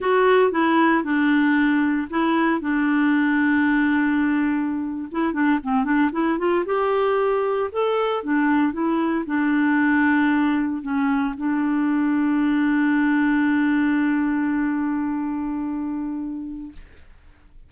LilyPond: \new Staff \with { instrumentName = "clarinet" } { \time 4/4 \tempo 4 = 115 fis'4 e'4 d'2 | e'4 d'2.~ | d'4.~ d'16 e'8 d'8 c'8 d'8 e'16~ | e'16 f'8 g'2 a'4 d'16~ |
d'8. e'4 d'2~ d'16~ | d'8. cis'4 d'2~ d'16~ | d'1~ | d'1 | }